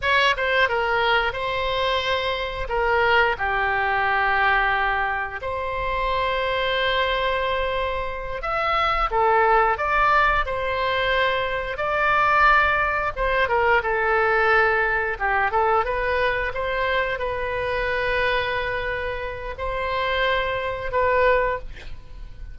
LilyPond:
\new Staff \with { instrumentName = "oboe" } { \time 4/4 \tempo 4 = 89 cis''8 c''8 ais'4 c''2 | ais'4 g'2. | c''1~ | c''8 e''4 a'4 d''4 c''8~ |
c''4. d''2 c''8 | ais'8 a'2 g'8 a'8 b'8~ | b'8 c''4 b'2~ b'8~ | b'4 c''2 b'4 | }